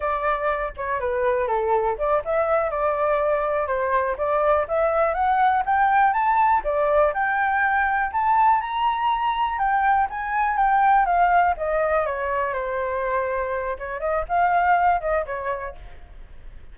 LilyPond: \new Staff \with { instrumentName = "flute" } { \time 4/4 \tempo 4 = 122 d''4. cis''8 b'4 a'4 | d''8 e''4 d''2 c''8~ | c''8 d''4 e''4 fis''4 g''8~ | g''8 a''4 d''4 g''4.~ |
g''8 a''4 ais''2 g''8~ | g''8 gis''4 g''4 f''4 dis''8~ | dis''8 cis''4 c''2~ c''8 | cis''8 dis''8 f''4. dis''8 cis''4 | }